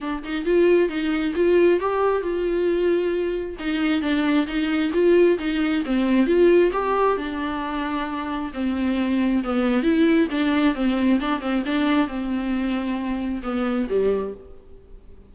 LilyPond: \new Staff \with { instrumentName = "viola" } { \time 4/4 \tempo 4 = 134 d'8 dis'8 f'4 dis'4 f'4 | g'4 f'2. | dis'4 d'4 dis'4 f'4 | dis'4 c'4 f'4 g'4 |
d'2. c'4~ | c'4 b4 e'4 d'4 | c'4 d'8 c'8 d'4 c'4~ | c'2 b4 g4 | }